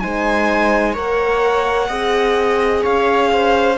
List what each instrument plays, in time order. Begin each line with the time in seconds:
0.00 cello G#3, horn D#4, viola C5, violin G#5
0.93 cello A#3, horn A#4, viola C#5, violin F#5
1.88 cello C4, horn G#4, viola D#5
2.83 cello C#4, viola C#5, violin F5
3.33 viola C5